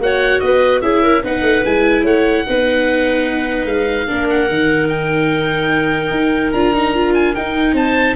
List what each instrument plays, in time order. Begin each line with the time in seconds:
0.00 tuba A#3, viola F#4, clarinet C#5, oboe F#5
0.40 tuba B3, clarinet B4, oboe D#5
0.82 tuba C#4, viola E4, clarinet G#4, oboe E5
1.03 clarinet A#4
1.24 tuba B3, viola D#4, clarinet B4, oboe F#5
1.42 tuba A3
1.65 tuba G#3, viola E4, oboe G#5
2.04 tuba A3, clarinet C#5, oboe F#5
2.47 tuba B3, viola D#4, clarinet B4
3.65 tuba G#3, oboe F5
4.08 tuba A#3, viola D4, clarinet A#4
4.30 oboe F#5
4.49 tuba D#3, viola D#4
4.89 oboe G5
6.11 tuba D#4
6.53 tuba D4, viola F4, oboe A#5
6.74 viola D#4
6.95 viola F4
7.15 oboe G#5
7.35 tuba D#4, viola D#4, oboe G5
7.73 tuba C4, clarinet C5, oboe A5